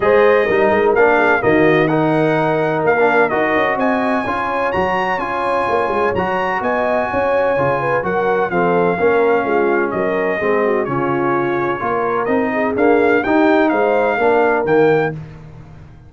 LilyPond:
<<
  \new Staff \with { instrumentName = "trumpet" } { \time 4/4 \tempo 4 = 127 dis''2 f''4 dis''4 | fis''2 f''4 dis''4 | gis''2 ais''4 gis''4~ | gis''4 ais''4 gis''2~ |
gis''4 fis''4 f''2~ | f''4 dis''2 cis''4~ | cis''2 dis''4 f''4 | g''4 f''2 g''4 | }
  \new Staff \with { instrumentName = "horn" } { \time 4/4 c''4 ais'4. gis'8 fis'4 | ais'1 | dis''4 cis''2.~ | cis''2 dis''4 cis''4~ |
cis''8 b'8 ais'4 a'4 ais'4 | f'4 ais'4 gis'8 fis'8 f'4~ | f'4 ais'4. gis'4. | g'4 c''4 ais'2 | }
  \new Staff \with { instrumentName = "trombone" } { \time 4/4 gis'4 dis'4 d'4 ais4 | dis'2~ dis'16 d'8. fis'4~ | fis'4 f'4 fis'4 f'4~ | f'4 fis'2. |
f'4 fis'4 c'4 cis'4~ | cis'2 c'4 cis'4~ | cis'4 f'4 dis'4 ais4 | dis'2 d'4 ais4 | }
  \new Staff \with { instrumentName = "tuba" } { \time 4/4 gis4 g8 gis8 ais4 dis4~ | dis2 ais4 dis'8 cis'8 | c'4 cis'4 fis4 cis'4 | ais8 gis8 fis4 b4 cis'4 |
cis4 fis4 f4 ais4 | gis4 fis4 gis4 cis4~ | cis4 ais4 c'4 d'4 | dis'4 gis4 ais4 dis4 | }
>>